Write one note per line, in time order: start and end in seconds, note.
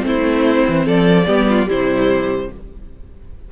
0.00 0.64 A3
0.00 1.23 C4
0.07 0.85 E4
0.07 0.87 C5
0.68 0.86 E3
0.85 1.28 F3
0.85 1.26 A4
0.85 1.69 D5
1.27 1.69 G3
1.27 1.67 B3
1.27 1.47 G4
1.49 1.69 F4
1.67 2.51 C3
1.67 2.49 G3
1.67 2.51 E4
1.67 2.52 C5